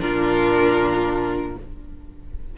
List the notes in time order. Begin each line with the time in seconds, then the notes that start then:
0.00 A#2 D4 F4 A#4